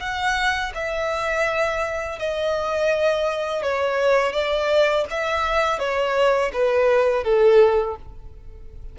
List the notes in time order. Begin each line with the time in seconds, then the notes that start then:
0.00 F#5
0.75 E5
2.19 D#5
3.63 C#5
4.33 D5
5.10 E5
5.79 C#5
6.53 B4
7.24 A4